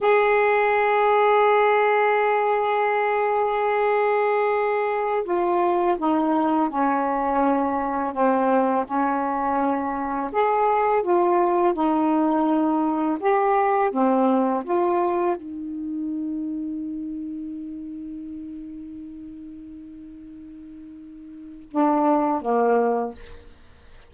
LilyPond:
\new Staff \with { instrumentName = "saxophone" } { \time 4/4 \tempo 4 = 83 gis'1~ | gis'2.~ gis'16 f'8.~ | f'16 dis'4 cis'2 c'8.~ | c'16 cis'2 gis'4 f'8.~ |
f'16 dis'2 g'4 c'8.~ | c'16 f'4 dis'2~ dis'8.~ | dis'1~ | dis'2 d'4 ais4 | }